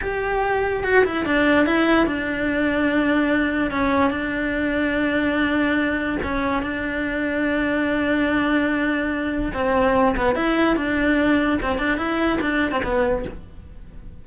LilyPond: \new Staff \with { instrumentName = "cello" } { \time 4/4 \tempo 4 = 145 g'2 fis'8 e'8 d'4 | e'4 d'2.~ | d'4 cis'4 d'2~ | d'2. cis'4 |
d'1~ | d'2. c'4~ | c'8 b8 e'4 d'2 | c'8 d'8 e'4 d'8. c'16 b4 | }